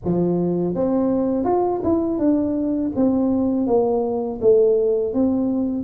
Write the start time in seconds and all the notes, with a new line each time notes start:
0.04 F3
0.75 C4
1.44 F4
1.83 E4
2.19 D4
2.95 C4
3.66 A#3
4.41 A3
5.13 C4